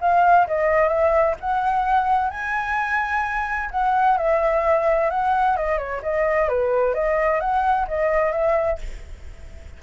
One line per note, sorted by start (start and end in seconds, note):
0.00 0.47 F5
0.47 0.88 D#5
0.88 1.34 E5
1.40 2.30 F#5
2.30 3.69 G#5
3.71 4.17 F#5
4.17 5.10 E5
5.10 5.56 F#5
5.56 5.78 D#5
5.78 6.01 C#5
6.02 6.48 D#5
6.48 6.94 B4
6.94 7.40 D#5
7.40 7.86 F#5
7.87 8.31 D#5
8.31 8.78 E5